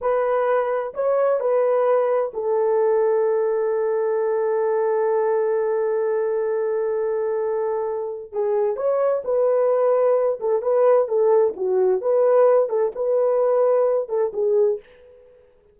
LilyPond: \new Staff \with { instrumentName = "horn" } { \time 4/4 \tempo 4 = 130 b'2 cis''4 b'4~ | b'4 a'2.~ | a'1~ | a'1~ |
a'2 gis'4 cis''4 | b'2~ b'8 a'8 b'4 | a'4 fis'4 b'4. a'8 | b'2~ b'8 a'8 gis'4 | }